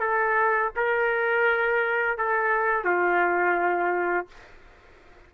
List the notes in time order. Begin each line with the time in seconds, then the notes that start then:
0.00 A4
0.76 A#4
2.18 A4
2.84 F4